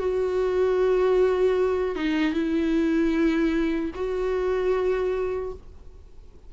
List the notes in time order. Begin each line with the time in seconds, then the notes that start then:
0.00 F#4
1.96 D#4
2.34 E4
3.95 F#4